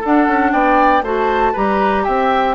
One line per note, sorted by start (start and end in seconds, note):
0.00 1.03 D4
0.00 0.27 D4
0.00 0.51 A4
0.00 0.52 F#5
0.27 0.52 C#4
0.52 1.01 B3
0.52 1.03 D5
0.52 1.03 G5
1.01 1.52 A3
1.01 1.54 F#4
1.01 1.52 C5
1.01 1.56 A5
1.52 2.07 G3
1.52 2.54 G4
1.52 2.03 B4
1.52 2.03 A#5
2.03 2.54 C4
2.03 2.54 E5
2.03 2.54 G5